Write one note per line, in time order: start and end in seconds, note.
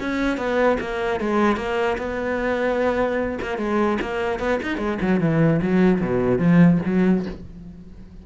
0.00 0.37 C#4
0.37 0.78 B3
0.80 1.20 A#3
1.20 1.56 G#3
1.56 1.97 A#3
1.98 3.39 B3
3.42 3.58 A#3
3.58 3.98 G#3
4.01 4.39 A#3
4.39 4.59 B3
4.62 4.78 D#4
4.78 4.98 G#3
5.01 5.20 F#3
5.20 5.60 E3
5.62 6.01 F#3
6.01 6.38 B2
6.38 6.79 F3
6.85 7.26 F#3